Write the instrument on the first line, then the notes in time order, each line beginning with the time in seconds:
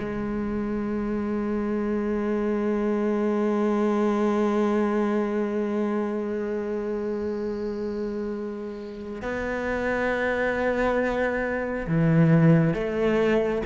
cello
0.00 G#3
9.22 B3
11.88 E3
12.74 A3